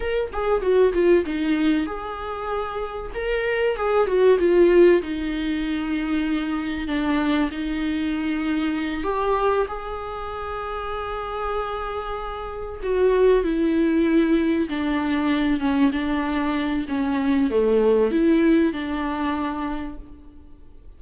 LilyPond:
\new Staff \with { instrumentName = "viola" } { \time 4/4 \tempo 4 = 96 ais'8 gis'8 fis'8 f'8 dis'4 gis'4~ | gis'4 ais'4 gis'8 fis'8 f'4 | dis'2. d'4 | dis'2~ dis'8 g'4 gis'8~ |
gis'1~ | gis'8 fis'4 e'2 d'8~ | d'4 cis'8 d'4. cis'4 | a4 e'4 d'2 | }